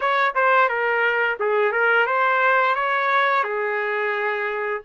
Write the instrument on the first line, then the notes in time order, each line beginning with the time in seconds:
trumpet
0.00 C#5
0.34 C5
0.68 A#4
1.39 G#4
1.71 A#4
2.06 C5
2.75 C#5
3.43 G#4